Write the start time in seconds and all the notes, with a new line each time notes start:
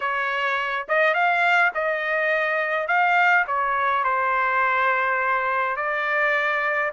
0.00 C#5
0.88 D#5
1.14 F5
1.74 D#5
2.87 F5
3.47 C#5
4.04 C5
5.76 D5